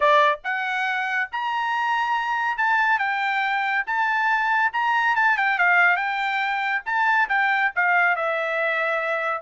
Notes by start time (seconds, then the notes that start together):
0.00 D5
0.43 F#5
1.32 A#5
2.57 A5
2.98 G5
3.86 A5
4.73 A#5
5.15 A5
5.37 G5
5.58 F5
5.96 G5
6.85 A5
7.28 G5
7.75 F5
8.16 E5